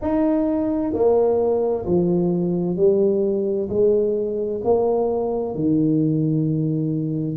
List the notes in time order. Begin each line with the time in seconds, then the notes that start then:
0.01 D#4
0.93 A#3
1.85 F3
2.76 G3
3.69 G#3
4.64 A#3
5.54 D#3